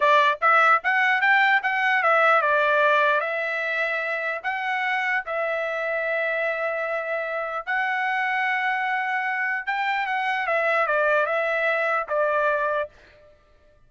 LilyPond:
\new Staff \with { instrumentName = "trumpet" } { \time 4/4 \tempo 4 = 149 d''4 e''4 fis''4 g''4 | fis''4 e''4 d''2 | e''2. fis''4~ | fis''4 e''2.~ |
e''2. fis''4~ | fis''1 | g''4 fis''4 e''4 d''4 | e''2 d''2 | }